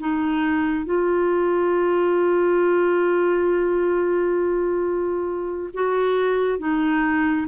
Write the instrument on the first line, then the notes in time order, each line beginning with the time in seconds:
clarinet
0.00 D#4
0.85 F4
5.74 F#4
6.59 D#4